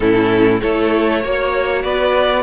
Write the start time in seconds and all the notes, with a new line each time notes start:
0.00 A2 C#4 E4 A4
0.60 A3 E4 A4 C#5
1.21 A#3 F#4 C#5
1.82 B3 B4 D5